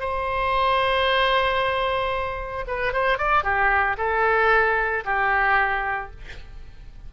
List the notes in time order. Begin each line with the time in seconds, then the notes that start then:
0.00 C5
2.67 B4
2.93 C5
3.18 D5
3.43 G4
3.98 A4
5.05 G4